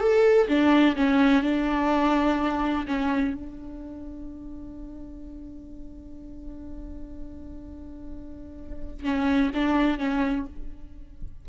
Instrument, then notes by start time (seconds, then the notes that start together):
viola
0.00 A4
0.48 D4
0.96 C#4
1.43 D4
2.87 C#4
3.34 D4
9.04 C#4
9.54 D4
9.98 C#4